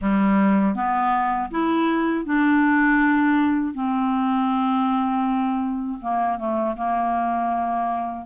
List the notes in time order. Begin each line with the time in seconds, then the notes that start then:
0.01 G3
0.75 B3
1.50 E4
2.25 D4
3.73 C4
6.01 A#3
6.38 A3
6.76 A#3